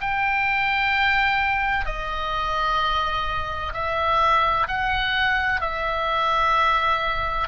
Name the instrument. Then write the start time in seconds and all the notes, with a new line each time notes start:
oboe
0.00 G5
1.85 D#5
3.73 E5
4.67 F#5
5.60 E5